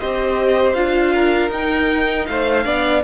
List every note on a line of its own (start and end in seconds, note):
0.00 0.75 C4
0.00 0.75 G4
0.00 1.14 C5
0.00 0.73 D#5
0.73 1.49 D4
0.73 1.51 F4
0.73 1.49 F5
1.14 2.28 A#4
1.49 2.25 D#4
1.49 2.65 D#4
1.49 2.27 G5
2.27 2.65 A3
2.27 2.65 C5
2.27 3.03 F5
2.65 3.03 B3
2.65 3.03 D4
2.65 3.03 D5